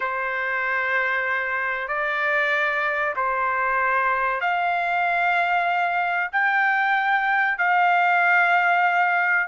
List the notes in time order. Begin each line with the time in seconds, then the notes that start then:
0.00 C5
1.88 D5
3.16 C5
4.40 F5
6.32 G5
7.58 F5